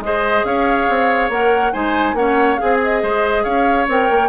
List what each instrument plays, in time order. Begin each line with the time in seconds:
0.00 bassoon G#3, clarinet G#4, oboe C5, flute D#5
0.45 bassoon C#4, oboe C#5, flute F5
0.89 bassoon C4
1.29 bassoon A#3, clarinet A#4, flute F#5
1.73 bassoon G#3, clarinet D#4, oboe C5, flute G#5
2.14 bassoon A#3, clarinet C#4, oboe C#5, flute F#5
2.56 clarinet G#4, oboe G#4, flute F5
2.62 bassoon C4
2.84 flute D#5
3.02 bassoon G#3, oboe C5
3.44 bassoon C#4, oboe C#5, flute F5
3.88 bassoon C4, clarinet A#4, flute G5
4.11 bassoon A#3